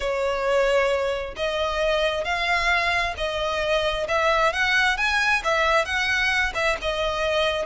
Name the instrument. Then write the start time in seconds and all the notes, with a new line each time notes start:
violin
0.00 C#5
1.36 D#5
2.24 F5
3.17 D#5
4.07 E5
4.52 F#5
4.97 G#5
5.44 E5
5.85 F#5
6.54 E5
6.81 D#5